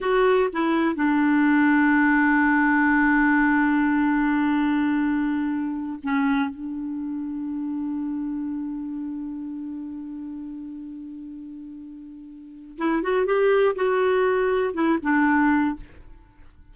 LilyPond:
\new Staff \with { instrumentName = "clarinet" } { \time 4/4 \tempo 4 = 122 fis'4 e'4 d'2~ | d'1~ | d'1~ | d'16 cis'4 d'2~ d'8.~ |
d'1~ | d'1~ | d'2 e'8 fis'8 g'4 | fis'2 e'8 d'4. | }